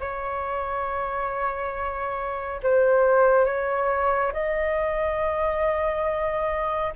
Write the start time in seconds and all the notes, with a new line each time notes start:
0.00 C#5
2.63 C5
3.45 C#5
4.33 D#5